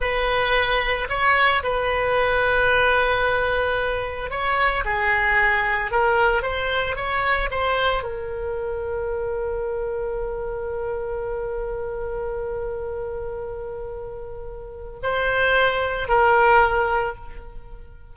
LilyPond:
\new Staff \with { instrumentName = "oboe" } { \time 4/4 \tempo 4 = 112 b'2 cis''4 b'4~ | b'1 | cis''4 gis'2 ais'4 | c''4 cis''4 c''4 ais'4~ |
ais'1~ | ais'1~ | ais'1 | c''2 ais'2 | }